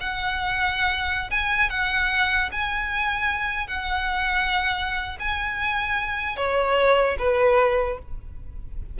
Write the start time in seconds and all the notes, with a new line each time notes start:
0.00 F#5
1.30 G#5
1.69 F#5
2.52 G#5
3.67 F#5
5.19 G#5
6.36 C#5
7.18 B4